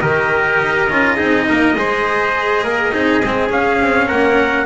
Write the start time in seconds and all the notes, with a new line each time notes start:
0.00 D#3 G4 A#4 D#5
0.61 D#4
0.89 C#4 F4
1.16 C4 D#4 G#4
1.49 A#3 A#4
1.76 G#3 G#4 C5
2.63 A#3 A#4
2.92 C4 D#4 G#4
3.24 G#3 C4
3.49 C#4 F5
3.81 C4
4.07 A#3 A#4 F#5